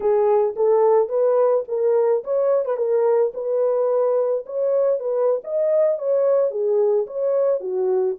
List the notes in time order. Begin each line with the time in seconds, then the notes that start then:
0.00 G#4
0.56 A4
1.08 B4
1.68 A#4
2.24 C#5
2.65 B4
2.76 A#4
3.34 B4
4.46 C#5
4.99 B4
5.44 D#5
5.98 C#5
6.50 G#4
7.06 C#5
7.60 F#4